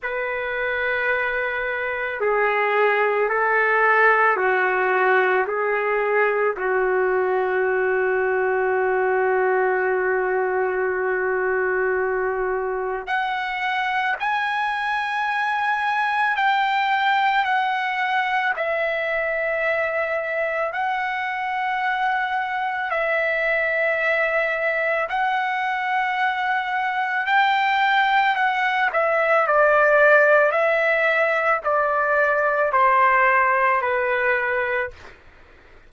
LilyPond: \new Staff \with { instrumentName = "trumpet" } { \time 4/4 \tempo 4 = 55 b'2 gis'4 a'4 | fis'4 gis'4 fis'2~ | fis'1 | fis''4 gis''2 g''4 |
fis''4 e''2 fis''4~ | fis''4 e''2 fis''4~ | fis''4 g''4 fis''8 e''8 d''4 | e''4 d''4 c''4 b'4 | }